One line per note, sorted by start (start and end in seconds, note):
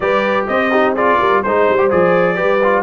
0.00 0.46 G3
0.00 0.72 G4
0.00 0.48 B4
0.00 0.46 D5
0.47 1.19 C4
0.47 0.70 C5
0.47 0.94 D#5
0.70 0.95 D#4
0.70 0.94 G4
0.94 1.44 F4
0.94 1.18 G#4
0.94 1.42 D5
1.19 1.44 G3
1.19 1.43 A#4
1.42 1.68 G#3
1.42 1.78 D#4
1.42 1.90 C5
1.42 2.36 C5
1.69 1.92 G3
1.78 1.90 G4
1.90 2.38 F3
1.90 2.35 G#4
1.90 2.82 D5
2.35 2.82 G3
2.35 2.59 G4
2.35 2.82 B4
2.63 2.82 F4